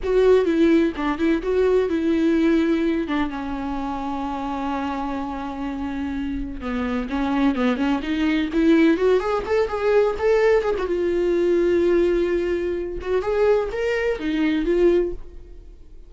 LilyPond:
\new Staff \with { instrumentName = "viola" } { \time 4/4 \tempo 4 = 127 fis'4 e'4 d'8 e'8 fis'4 | e'2~ e'8 d'8 cis'4~ | cis'1~ | cis'2 b4 cis'4 |
b8 cis'8 dis'4 e'4 fis'8 gis'8 | a'8 gis'4 a'4 gis'16 fis'16 f'4~ | f'2.~ f'8 fis'8 | gis'4 ais'4 dis'4 f'4 | }